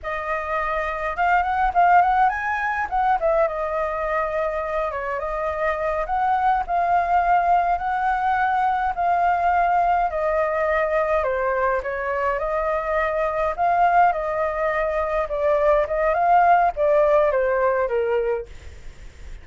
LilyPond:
\new Staff \with { instrumentName = "flute" } { \time 4/4 \tempo 4 = 104 dis''2 f''8 fis''8 f''8 fis''8 | gis''4 fis''8 e''8 dis''2~ | dis''8 cis''8 dis''4. fis''4 f''8~ | f''4. fis''2 f''8~ |
f''4. dis''2 c''8~ | c''8 cis''4 dis''2 f''8~ | f''8 dis''2 d''4 dis''8 | f''4 d''4 c''4 ais'4 | }